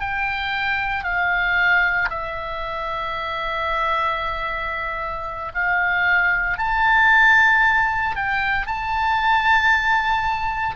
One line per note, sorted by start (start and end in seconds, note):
0.00 1.04 G5
1.04 2.09 F5
2.10 5.52 E5
5.54 6.57 F5
6.57 8.15 A5
8.15 8.67 G5
8.67 10.76 A5